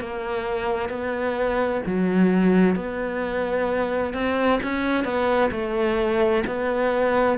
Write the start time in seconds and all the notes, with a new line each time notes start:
0.00 A#3
0.90 B3
1.86 F#3
2.76 B3
4.14 C4
4.63 C#4
5.04 B3
5.51 A3
6.47 B3